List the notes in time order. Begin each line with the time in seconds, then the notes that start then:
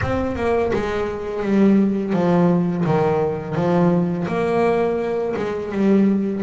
0.01 C4
0.36 A#3
0.73 G#3
1.43 G3
2.13 F3
2.85 D#3
3.55 F3
4.27 A#3
5.36 G#3
5.72 G3